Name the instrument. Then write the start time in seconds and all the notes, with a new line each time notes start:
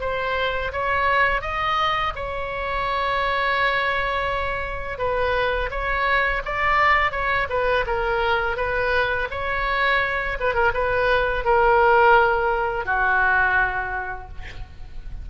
oboe
0.00 C5
0.72 C#5
1.41 D#5
2.15 C#5
4.98 B4
5.70 C#5
6.45 D5
7.11 C#5
7.49 B4
7.86 A#4
8.56 B4
9.31 C#5
10.40 B4
10.54 A#4
10.73 B4
11.44 A#4
12.85 F#4